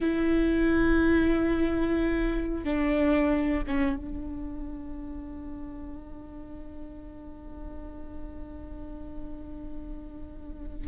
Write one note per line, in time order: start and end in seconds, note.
0.00 2.64 E4
2.64 3.63 D4
3.67 3.96 C#4
3.96 10.87 D4